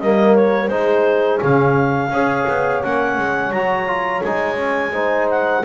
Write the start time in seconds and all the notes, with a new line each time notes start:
0.00 G3 A#3 A#4 D#5
0.35 C#5
0.68 G#3 D#4 G#4 C5
1.40 C#3 C#4 F5
2.10 C#4 G#4 C#5
2.48 B3
2.83 A#3 C#4 F#5
3.18 G#3
3.51 F#3 F#4 A#5
3.87 F4
4.23 G#3 D#4 G#5
4.57 C#4
4.93 D#4 C5
5.30 F#5